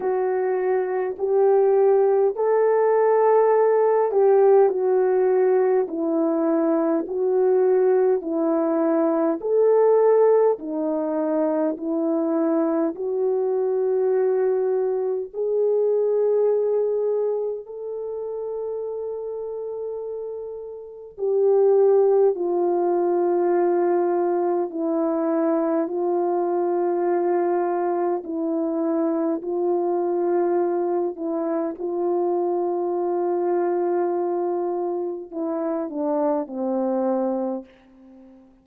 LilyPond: \new Staff \with { instrumentName = "horn" } { \time 4/4 \tempo 4 = 51 fis'4 g'4 a'4. g'8 | fis'4 e'4 fis'4 e'4 | a'4 dis'4 e'4 fis'4~ | fis'4 gis'2 a'4~ |
a'2 g'4 f'4~ | f'4 e'4 f'2 | e'4 f'4. e'8 f'4~ | f'2 e'8 d'8 c'4 | }